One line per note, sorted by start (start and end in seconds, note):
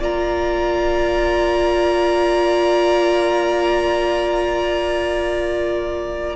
0.00 6.37 A#3
0.00 6.37 F4
0.00 6.36 D5
0.00 6.37 A#5